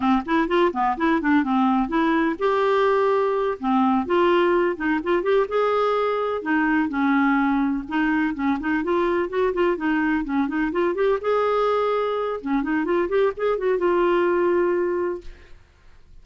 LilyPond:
\new Staff \with { instrumentName = "clarinet" } { \time 4/4 \tempo 4 = 126 c'8 e'8 f'8 b8 e'8 d'8 c'4 | e'4 g'2~ g'8 c'8~ | c'8 f'4. dis'8 f'8 g'8 gis'8~ | gis'4. dis'4 cis'4.~ |
cis'8 dis'4 cis'8 dis'8 f'4 fis'8 | f'8 dis'4 cis'8 dis'8 f'8 g'8 gis'8~ | gis'2 cis'8 dis'8 f'8 g'8 | gis'8 fis'8 f'2. | }